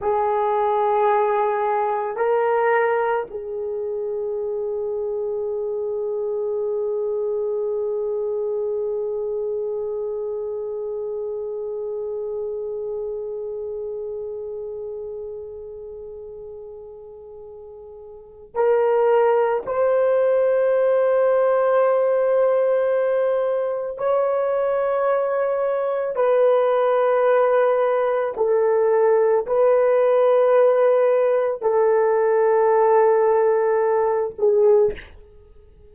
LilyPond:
\new Staff \with { instrumentName = "horn" } { \time 4/4 \tempo 4 = 55 gis'2 ais'4 gis'4~ | gis'1~ | gis'1~ | gis'1~ |
gis'4 ais'4 c''2~ | c''2 cis''2 | b'2 a'4 b'4~ | b'4 a'2~ a'8 gis'8 | }